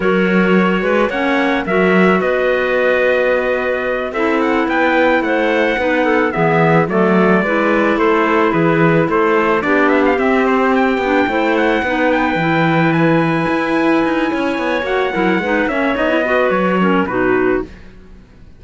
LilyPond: <<
  \new Staff \with { instrumentName = "trumpet" } { \time 4/4 \tempo 4 = 109 cis''2 fis''4 e''4 | dis''2.~ dis''8 e''8 | fis''8 g''4 fis''2 e''8~ | e''8 d''2 c''4 b'8~ |
b'8 c''4 d''8 e''16 f''16 e''8 c''8 g''8~ | g''4 fis''4 g''4. gis''8~ | gis''2. fis''4~ | fis''8 e''8 dis''4 cis''4 b'4 | }
  \new Staff \with { instrumentName = "clarinet" } { \time 4/4 ais'4. b'8 cis''4 ais'4 | b'2.~ b'8 a'8~ | a'8 b'4 c''4 b'8 a'8 gis'8~ | gis'8 a'4 b'4 a'4 gis'8~ |
gis'8 a'4 g'2~ g'8~ | g'8 c''4 b'2~ b'8~ | b'2 cis''4. ais'8 | b'8 cis''4 b'4 ais'8 fis'4 | }
  \new Staff \with { instrumentName = "clarinet" } { \time 4/4 fis'2 cis'4 fis'4~ | fis'2.~ fis'8 e'8~ | e'2~ e'8 dis'4 b8~ | b8 a4 e'2~ e'8~ |
e'4. d'4 c'4. | d'8 e'4 dis'4 e'4.~ | e'2. fis'8 e'8 | dis'8 cis'8 dis'16 e'16 fis'4 cis'8 dis'4 | }
  \new Staff \with { instrumentName = "cello" } { \time 4/4 fis4. gis8 ais4 fis4 | b2.~ b8 c'8~ | c'8 b4 a4 b4 e8~ | e8 fis4 gis4 a4 e8~ |
e8 a4 b4 c'4. | b8 a4 b4 e4.~ | e8 e'4 dis'8 cis'8 b8 ais8 fis8 | gis8 ais8 b4 fis4 b,4 | }
>>